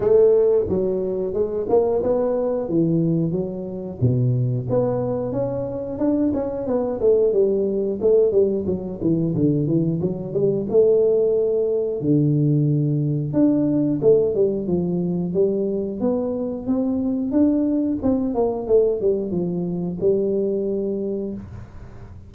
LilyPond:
\new Staff \with { instrumentName = "tuba" } { \time 4/4 \tempo 4 = 90 a4 fis4 gis8 ais8 b4 | e4 fis4 b,4 b4 | cis'4 d'8 cis'8 b8 a8 g4 | a8 g8 fis8 e8 d8 e8 fis8 g8 |
a2 d2 | d'4 a8 g8 f4 g4 | b4 c'4 d'4 c'8 ais8 | a8 g8 f4 g2 | }